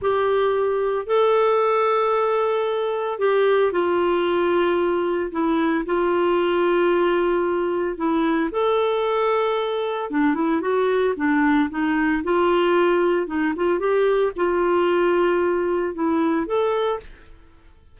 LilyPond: \new Staff \with { instrumentName = "clarinet" } { \time 4/4 \tempo 4 = 113 g'2 a'2~ | a'2 g'4 f'4~ | f'2 e'4 f'4~ | f'2. e'4 |
a'2. d'8 e'8 | fis'4 d'4 dis'4 f'4~ | f'4 dis'8 f'8 g'4 f'4~ | f'2 e'4 a'4 | }